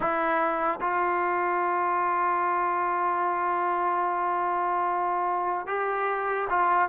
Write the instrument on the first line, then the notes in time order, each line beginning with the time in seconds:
trombone
0.00 E4
0.80 F4
5.66 G4
6.49 F4